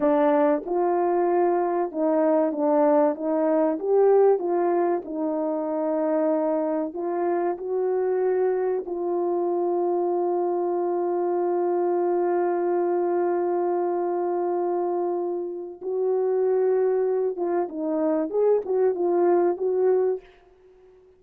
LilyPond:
\new Staff \with { instrumentName = "horn" } { \time 4/4 \tempo 4 = 95 d'4 f'2 dis'4 | d'4 dis'4 g'4 f'4 | dis'2. f'4 | fis'2 f'2~ |
f'1~ | f'1~ | f'4 fis'2~ fis'8 f'8 | dis'4 gis'8 fis'8 f'4 fis'4 | }